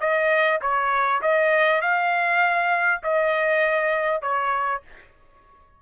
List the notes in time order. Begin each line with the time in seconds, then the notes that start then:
0.00 D#5
0.61 C#5
1.22 D#5
1.81 F5
3.03 D#5
4.22 C#5